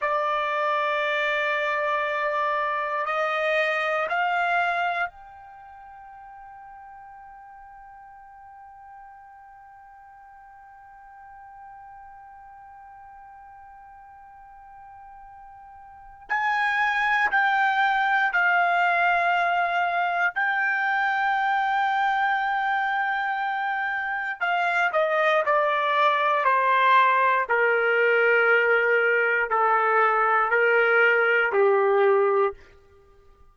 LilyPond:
\new Staff \with { instrumentName = "trumpet" } { \time 4/4 \tempo 4 = 59 d''2. dis''4 | f''4 g''2.~ | g''1~ | g''1 |
gis''4 g''4 f''2 | g''1 | f''8 dis''8 d''4 c''4 ais'4~ | ais'4 a'4 ais'4 g'4 | }